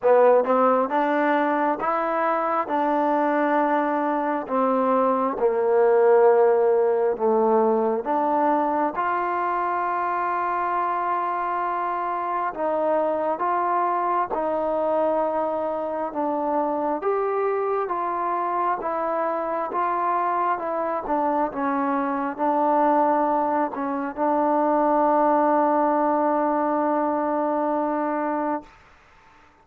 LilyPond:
\new Staff \with { instrumentName = "trombone" } { \time 4/4 \tempo 4 = 67 b8 c'8 d'4 e'4 d'4~ | d'4 c'4 ais2 | a4 d'4 f'2~ | f'2 dis'4 f'4 |
dis'2 d'4 g'4 | f'4 e'4 f'4 e'8 d'8 | cis'4 d'4. cis'8 d'4~ | d'1 | }